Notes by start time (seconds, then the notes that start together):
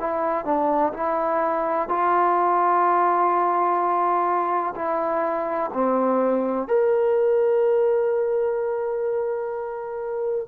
0.00 E4
0.45 D4
0.94 E4
1.89 F4
4.75 E4
5.74 C4
6.68 A#4